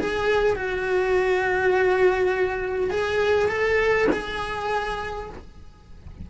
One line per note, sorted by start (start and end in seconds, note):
0.00 0.56 G#4
0.56 2.91 F#4
2.91 3.49 G#4
3.49 4.08 A4
4.12 5.30 G#4